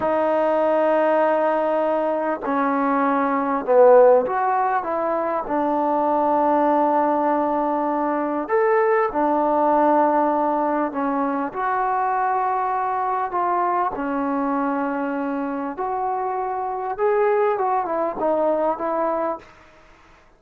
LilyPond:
\new Staff \with { instrumentName = "trombone" } { \time 4/4 \tempo 4 = 99 dis'1 | cis'2 b4 fis'4 | e'4 d'2.~ | d'2 a'4 d'4~ |
d'2 cis'4 fis'4~ | fis'2 f'4 cis'4~ | cis'2 fis'2 | gis'4 fis'8 e'8 dis'4 e'4 | }